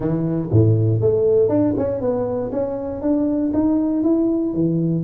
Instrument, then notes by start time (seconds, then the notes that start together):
tuba
0.00 E3
0.51 A2
1.00 A3
1.49 D4
1.77 C#4
2.00 B3
2.52 C#4
3.01 D4
3.53 D#4
4.03 E4
4.53 E3